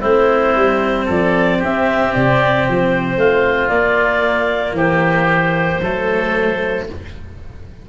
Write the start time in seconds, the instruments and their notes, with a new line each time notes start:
0.00 tuba A3, cello C4, oboe E4, clarinet C5
0.55 tuba G3
1.05 tuba F3, oboe A4, clarinet D5
1.58 tuba C4, oboe G4, clarinet E5
2.14 tuba C3, clarinet D5
2.67 tuba F3, clarinet C5
3.16 tuba A3, oboe F4
3.68 tuba A#3, cello A#3, clarinet D5
4.72 tuba E3, oboe G4, clarinet C5
5.80 tuba F#3, cello A3, oboe A4